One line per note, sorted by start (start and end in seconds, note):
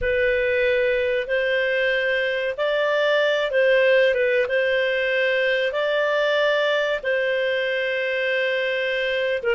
0.01 1.27 B4
1.27 2.54 C5
2.57 3.51 D5
3.51 4.14 C5
4.14 4.46 B4
4.48 5.72 C5
5.72 7.00 D5
7.03 9.42 C5
9.43 9.55 A#4